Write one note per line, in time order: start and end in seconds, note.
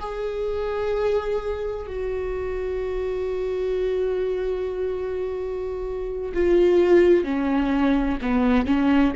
0.00 1.87 G#4
1.87 6.32 F#4
6.34 7.24 F4
7.24 8.18 C#4
8.22 8.66 B3
8.66 9.13 C#4